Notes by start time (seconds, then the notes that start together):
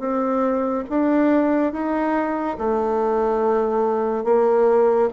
0.00 C4
0.90 D4
1.73 D#4
2.59 A3
4.25 A#3